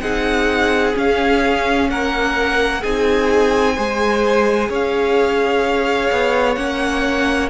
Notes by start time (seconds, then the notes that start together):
0.00 C4 D#4 G#4 F#5
0.94 C#4 F5
1.89 A#3 A#4 F#5
2.81 C4 D#4 G#4 G#5
3.75 G#3 G#4 C5
4.69 C#4 C#5 F5
6.11 B3
6.55 A#3 C#4 F#5